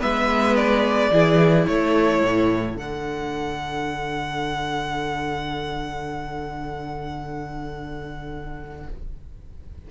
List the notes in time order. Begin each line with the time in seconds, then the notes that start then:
0.00 G#3 B3 B4 E5
0.56 D5
1.11 E3 E4 G#4
1.67 A3 A4 C#5
2.22 A2
2.76 D3 D4 F#5